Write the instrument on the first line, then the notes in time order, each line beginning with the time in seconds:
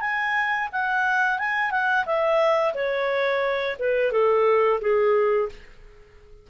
clarinet
0.00 G#5
0.72 F#5
1.38 G#5
1.71 F#5
2.05 E5
2.74 C#5
3.79 B4
4.12 A4
4.81 G#4